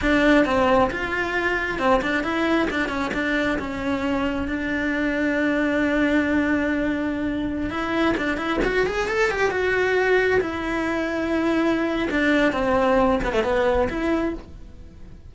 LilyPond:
\new Staff \with { instrumentName = "cello" } { \time 4/4 \tempo 4 = 134 d'4 c'4 f'2 | c'8 d'8 e'4 d'8 cis'8 d'4 | cis'2 d'2~ | d'1~ |
d'4~ d'16 e'4 d'8 e'8 fis'8 gis'16~ | gis'16 a'8 g'8 fis'2 e'8.~ | e'2. d'4 | c'4. b16 a16 b4 e'4 | }